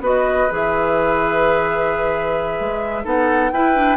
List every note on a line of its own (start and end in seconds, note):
0.00 0.47 B3
0.00 0.49 F#4
0.00 3.04 B4
0.00 0.52 D#5
0.50 2.60 E3
0.50 3.04 G#4
0.50 3.07 E5
2.60 3.05 G#3
3.04 3.51 B3
3.04 3.51 D#4
3.04 3.51 A4
3.04 3.52 F#5
3.52 3.97 E4
3.52 3.76 E4
3.52 3.97 B4
3.52 3.97 G5
3.76 3.97 D4